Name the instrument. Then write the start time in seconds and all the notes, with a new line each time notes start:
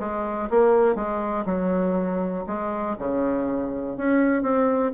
bassoon
0.00 G#3
0.50 A#3
0.96 G#3
1.46 F#3
2.47 G#3
2.99 C#3
3.98 C#4
4.43 C4